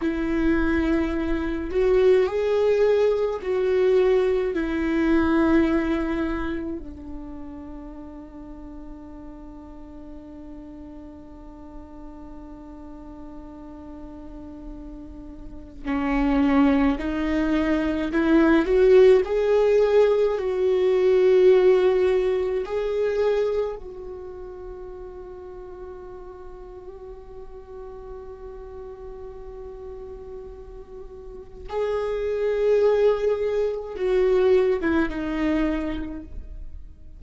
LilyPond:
\new Staff \with { instrumentName = "viola" } { \time 4/4 \tempo 4 = 53 e'4. fis'8 gis'4 fis'4 | e'2 d'2~ | d'1~ | d'2 cis'4 dis'4 |
e'8 fis'8 gis'4 fis'2 | gis'4 fis'2.~ | fis'1 | gis'2 fis'8. e'16 dis'4 | }